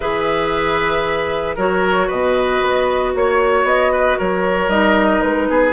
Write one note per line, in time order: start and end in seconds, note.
0.00 1.56 E3
0.00 1.57 G#4
0.00 1.55 B4
0.00 1.56 E5
1.55 2.09 F#3
1.55 4.70 F#4
1.55 2.07 A#4
1.55 2.09 C#5
2.07 2.62 B2
2.07 3.11 B4
2.07 3.13 D#5
2.62 3.14 B3
3.14 3.63 A#3
3.14 3.66 C#5
3.14 3.92 C#5
3.63 4.15 B3
3.63 4.18 D#5
3.92 4.17 B4
4.17 4.68 F#3
4.17 5.48 A#4
4.17 4.69 C#5
4.68 5.20 G3
4.68 5.73 D#4
4.68 5.21 D#5
5.21 5.49 G#3
5.21 5.73 B4
5.49 5.73 B3
5.49 5.73 G#4